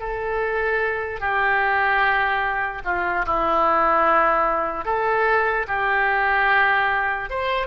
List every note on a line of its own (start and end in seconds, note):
0.00 1.21 A4
1.21 2.83 G4
2.85 3.25 F4
3.26 4.85 E4
4.85 5.66 A4
5.68 7.30 G4
7.30 7.67 C5